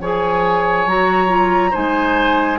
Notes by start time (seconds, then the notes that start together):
0.00 F3 G#4 C#5 G#5
0.86 F#3 F#4 A#5
1.28 F4
1.71 G#3 D#4 C5 G#5